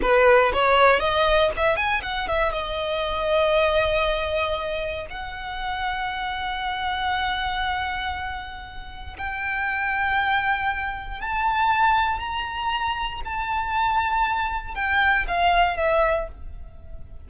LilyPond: \new Staff \with { instrumentName = "violin" } { \time 4/4 \tempo 4 = 118 b'4 cis''4 dis''4 e''8 gis''8 | fis''8 e''8 dis''2.~ | dis''2 fis''2~ | fis''1~ |
fis''2 g''2~ | g''2 a''2 | ais''2 a''2~ | a''4 g''4 f''4 e''4 | }